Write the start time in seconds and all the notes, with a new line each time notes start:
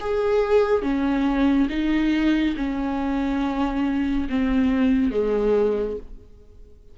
0.00 G#4
0.82 C#4
1.69 D#4
2.56 C#4
4.29 C4
5.11 G#3